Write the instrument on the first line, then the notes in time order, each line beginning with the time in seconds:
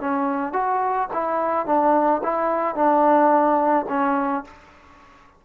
trombone
0.00 C#4
0.53 F#4
1.13 E4
1.66 D4
2.23 E4
2.75 D4
3.89 C#4